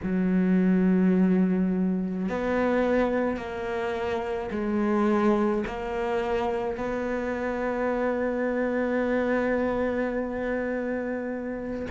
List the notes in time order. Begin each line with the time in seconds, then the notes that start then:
0.03 F#3
2.28 B3
3.37 A#3
4.51 G#3
5.66 A#3
6.77 B3